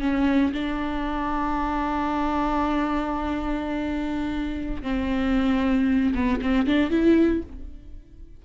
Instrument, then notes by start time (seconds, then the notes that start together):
viola
0.00 C#4
0.53 D4
4.82 C4
6.14 B3
6.41 C4
6.66 D4
6.90 E4